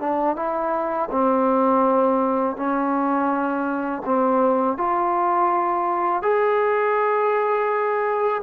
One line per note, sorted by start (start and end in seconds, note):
0.00 0.36 D4
0.36 1.09 E4
1.11 2.56 C4
2.56 4.02 C#4
4.05 4.77 C4
4.77 6.23 F4
6.23 8.42 G#4